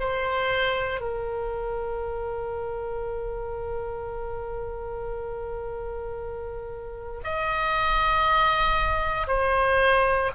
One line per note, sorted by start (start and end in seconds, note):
0.00 1.01 C5
1.01 7.22 A#4
7.24 9.28 D#5
9.28 10.31 C5